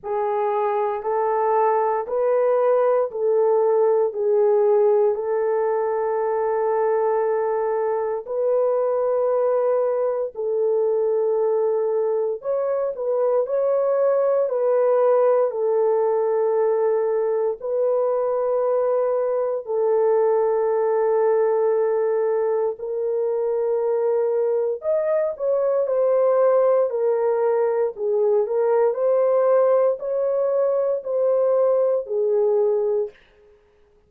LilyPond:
\new Staff \with { instrumentName = "horn" } { \time 4/4 \tempo 4 = 58 gis'4 a'4 b'4 a'4 | gis'4 a'2. | b'2 a'2 | cis''8 b'8 cis''4 b'4 a'4~ |
a'4 b'2 a'4~ | a'2 ais'2 | dis''8 cis''8 c''4 ais'4 gis'8 ais'8 | c''4 cis''4 c''4 gis'4 | }